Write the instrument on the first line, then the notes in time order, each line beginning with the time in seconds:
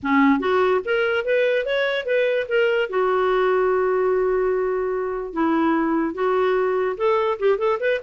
clarinet
0.02 C#4
0.39 F#4
0.84 A#4
1.25 B4
1.65 C#5
2.05 B4
2.48 A#4
2.89 F#4
5.33 E4
6.14 F#4
6.97 A4
7.39 G4
7.58 A4
7.80 B4